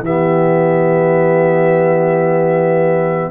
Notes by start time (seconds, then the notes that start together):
0.00 E3 B3 G4 E5